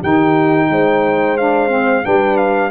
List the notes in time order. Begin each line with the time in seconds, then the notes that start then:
0.00 D#3 D#4 G4 G5
0.69 G#3 C5
1.37 D4 F5
1.68 C4
2.02 G3 D4 B4 G5
2.37 F5